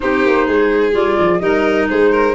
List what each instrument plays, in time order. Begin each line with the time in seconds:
0.00 tuba C4, clarinet D#4, violin G4, flute C5
0.26 tuba A#3
0.46 tuba G#3, violin G#4
0.92 tuba G3, clarinet F4, flute D5
1.19 tuba F3
1.39 tuba G3, clarinet D#4, violin A#4, flute D#5
1.89 tuba G#3, violin G#4, flute C5
2.11 violin A#4